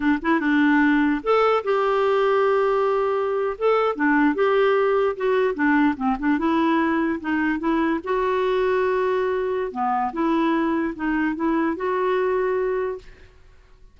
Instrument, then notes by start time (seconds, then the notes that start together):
clarinet
0.00 D4
0.22 E4
0.40 D4
1.23 A4
1.64 G4
3.58 A4
3.95 D4
4.35 G4
5.16 F#4
5.54 D4
5.96 C4
6.19 D4
6.38 E4
7.20 D#4
7.59 E4
8.04 F#4
9.71 B3
10.12 E4
10.95 D#4
11.35 E4
11.76 F#4